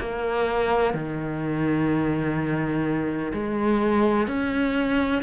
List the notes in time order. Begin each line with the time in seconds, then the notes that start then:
0.00 A#3
0.94 D#3
3.33 G#3
4.28 C#4